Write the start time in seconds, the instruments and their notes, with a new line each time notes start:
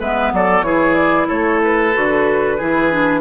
0.00 bassoon G#3, clarinet B3, oboe B4, flute E5
0.33 bassoon F#3, oboe A4, flute D5
0.62 bassoon E3, clarinet E4, oboe G#4, flute C#5
0.94 flute D5
1.28 bassoon A3, oboe A4, flute C#5
1.64 flute B4
1.94 bassoon D3, clarinet F#4
2.57 bassoon E3, clarinet E4, oboe G#4
2.92 clarinet D4